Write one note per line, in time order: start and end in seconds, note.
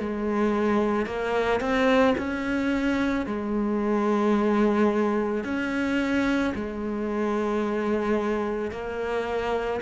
0.00 1.07 G#3
1.07 1.61 A#3
1.61 2.15 C4
2.18 3.27 C#4
3.27 5.44 G#3
5.44 6.54 C#4
6.55 8.72 G#3
8.72 9.81 A#3